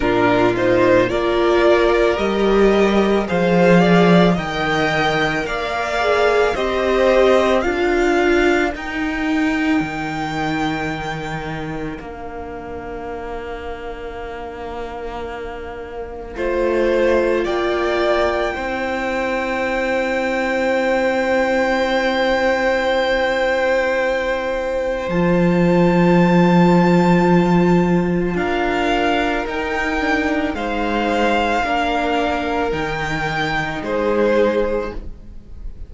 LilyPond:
<<
  \new Staff \with { instrumentName = "violin" } { \time 4/4 \tempo 4 = 55 ais'8 c''8 d''4 dis''4 f''4 | g''4 f''4 dis''4 f''4 | g''2. f''4~ | f''1 |
g''1~ | g''2. a''4~ | a''2 f''4 g''4 | f''2 g''4 c''4 | }
  \new Staff \with { instrumentName = "violin" } { \time 4/4 f'4 ais'2 c''8 d''8 | dis''4 d''4 c''4 ais'4~ | ais'1~ | ais'2. c''4 |
d''4 c''2.~ | c''1~ | c''2 ais'2 | c''4 ais'2 gis'4 | }
  \new Staff \with { instrumentName = "viola" } { \time 4/4 d'8 dis'8 f'4 g'4 gis'4 | ais'4. gis'8 g'4 f'4 | dis'2. d'4~ | d'2. f'4~ |
f'4 e'2.~ | e'2. f'4~ | f'2. dis'8 d'8 | dis'4 d'4 dis'2 | }
  \new Staff \with { instrumentName = "cello" } { \time 4/4 ais,4 ais4 g4 f4 | dis4 ais4 c'4 d'4 | dis'4 dis2 ais4~ | ais2. a4 |
ais4 c'2.~ | c'2. f4~ | f2 d'4 dis'4 | gis4 ais4 dis4 gis4 | }
>>